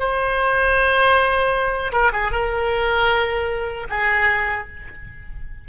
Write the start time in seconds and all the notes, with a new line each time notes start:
0.00 C5
1.92 A#4
2.13 G#4
2.32 A#4
3.90 G#4